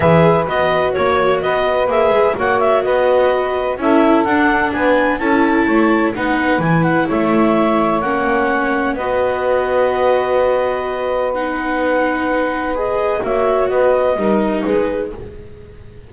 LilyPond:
<<
  \new Staff \with { instrumentName = "clarinet" } { \time 4/4 \tempo 4 = 127 e''4 dis''4 cis''4 dis''4 | e''4 fis''8 e''8 dis''2 | e''4 fis''4 gis''4 a''4~ | a''4 fis''4 gis''8 fis''8 e''4~ |
e''4 fis''2 dis''4~ | dis''1 | fis''2. dis''4 | e''4 dis''2 b'4 | }
  \new Staff \with { instrumentName = "saxophone" } { \time 4/4 b'2 cis''4 b'4~ | b'4 cis''4 b'2 | a'2 b'4 a'4 | cis''4 b'2 cis''4~ |
cis''2. b'4~ | b'1~ | b'1 | cis''4 b'4 ais'4 gis'4 | }
  \new Staff \with { instrumentName = "viola" } { \time 4/4 gis'4 fis'2. | gis'4 fis'2. | e'4 d'2 e'4~ | e'4 dis'4 e'2~ |
e'4 cis'2 fis'4~ | fis'1 | dis'2. gis'4 | fis'2 dis'2 | }
  \new Staff \with { instrumentName = "double bass" } { \time 4/4 e4 b4 ais4 b4 | ais8 gis8 ais4 b2 | cis'4 d'4 b4 cis'4 | a4 b4 e4 a4~ |
a4 ais2 b4~ | b1~ | b1 | ais4 b4 g4 gis4 | }
>>